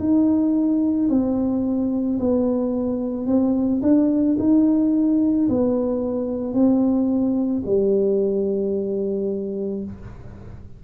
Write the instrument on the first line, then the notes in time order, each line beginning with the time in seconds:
tuba
0.00 D#4
1.10 C4
2.20 B3
3.27 C4
3.83 D4
4.40 D#4
5.49 B3
6.54 C4
7.66 G3